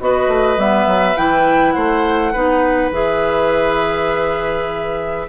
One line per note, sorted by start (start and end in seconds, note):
0.00 0.28 B3
0.00 0.57 F#4
0.00 1.75 B4
0.00 0.59 D#5
0.28 0.57 A3
0.57 0.87 G3
0.57 1.16 B3
0.57 1.17 E5
0.87 1.16 F#3
1.17 1.76 E3
1.17 2.34 E4
1.17 1.72 G5
1.72 2.35 A3
1.72 2.33 C5
1.72 2.89 F#5
2.33 2.91 B3
2.33 2.93 D#4
2.33 5.27 B4
2.91 5.26 E3
2.91 5.28 G#4
2.91 5.29 E5